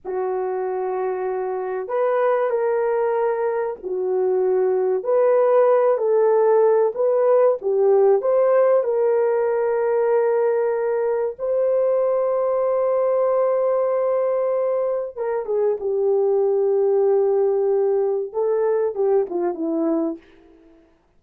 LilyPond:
\new Staff \with { instrumentName = "horn" } { \time 4/4 \tempo 4 = 95 fis'2. b'4 | ais'2 fis'2 | b'4. a'4. b'4 | g'4 c''4 ais'2~ |
ais'2 c''2~ | c''1 | ais'8 gis'8 g'2.~ | g'4 a'4 g'8 f'8 e'4 | }